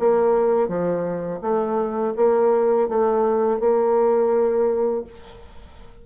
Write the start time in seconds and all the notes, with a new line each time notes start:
0.00 A#3
0.68 F3
1.42 A3
2.17 A#3
2.89 A3
3.60 A#3